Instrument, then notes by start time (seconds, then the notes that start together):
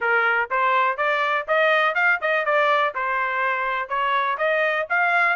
trumpet
0.00 A#4
0.50 C5
0.97 D5
1.47 D#5
1.94 F5
2.21 D#5
2.45 D5
2.94 C5
3.88 C#5
4.37 D#5
4.89 F5